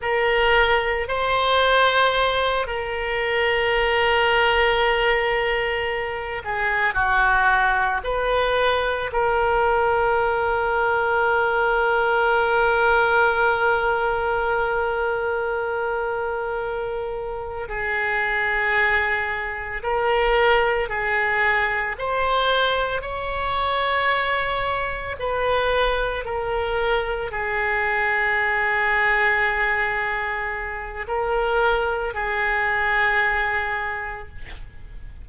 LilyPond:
\new Staff \with { instrumentName = "oboe" } { \time 4/4 \tempo 4 = 56 ais'4 c''4. ais'4.~ | ais'2 gis'8 fis'4 b'8~ | b'8 ais'2.~ ais'8~ | ais'1~ |
ais'8 gis'2 ais'4 gis'8~ | gis'8 c''4 cis''2 b'8~ | b'8 ais'4 gis'2~ gis'8~ | gis'4 ais'4 gis'2 | }